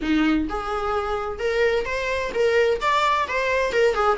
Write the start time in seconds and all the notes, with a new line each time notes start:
0.01 D#4
0.49 G#4
1.39 A#4
1.85 C5
2.33 A#4
2.80 D5
3.27 C5
3.72 A#4
3.94 G#4